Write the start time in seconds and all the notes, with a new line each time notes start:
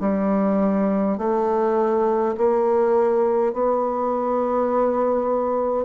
0.00 G3
1.18 A3
2.37 A#3
3.53 B3